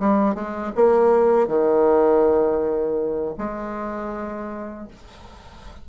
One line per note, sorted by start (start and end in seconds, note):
0.00 0.35 G3
0.35 0.73 G#3
0.76 1.48 A#3
1.48 3.35 D#3
3.39 4.89 G#3